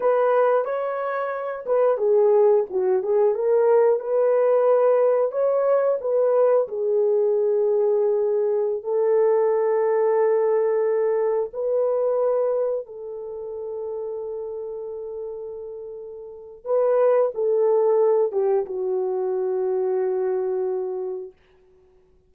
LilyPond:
\new Staff \with { instrumentName = "horn" } { \time 4/4 \tempo 4 = 90 b'4 cis''4. b'8 gis'4 | fis'8 gis'8 ais'4 b'2 | cis''4 b'4 gis'2~ | gis'4~ gis'16 a'2~ a'8.~ |
a'4~ a'16 b'2 a'8.~ | a'1~ | a'4 b'4 a'4. g'8 | fis'1 | }